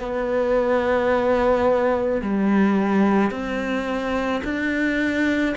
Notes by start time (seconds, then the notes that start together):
0.00 B3
2.22 G3
3.31 C4
4.44 D4